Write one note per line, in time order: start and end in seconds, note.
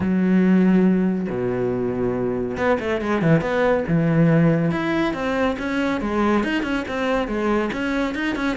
0.00 1.27 F#3
1.29 2.57 B2
2.57 2.78 B3
2.79 3.01 A3
3.01 3.22 G#3
3.22 3.41 E3
3.41 3.84 B3
3.87 4.71 E3
4.71 5.13 E4
5.13 5.56 C4
5.58 6.01 C#4
6.01 6.43 G#3
6.43 6.63 D#4
6.63 6.84 C#4
6.88 7.27 C4
7.27 7.70 G#3
7.72 8.14 C#4
8.14 8.35 D#4
8.35 8.57 C#4